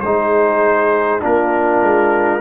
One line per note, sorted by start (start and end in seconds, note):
0.00 1.23 G#3
0.00 1.20 D#4
0.00 1.22 G#4
0.00 1.20 C5
1.20 1.82 A#3
1.20 2.40 D4
1.20 2.41 F4
1.20 2.41 A#4
1.82 2.41 G#3